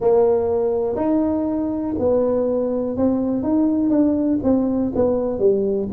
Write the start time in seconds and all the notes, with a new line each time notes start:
0.00 A#3
0.96 D#4
1.99 B3
2.96 C4
3.43 D#4
3.90 D4
4.43 C4
4.94 B3
5.39 G3